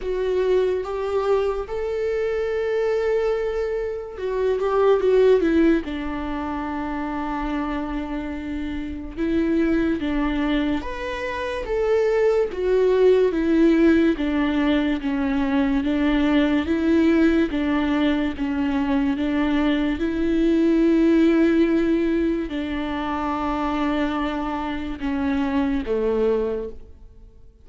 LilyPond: \new Staff \with { instrumentName = "viola" } { \time 4/4 \tempo 4 = 72 fis'4 g'4 a'2~ | a'4 fis'8 g'8 fis'8 e'8 d'4~ | d'2. e'4 | d'4 b'4 a'4 fis'4 |
e'4 d'4 cis'4 d'4 | e'4 d'4 cis'4 d'4 | e'2. d'4~ | d'2 cis'4 a4 | }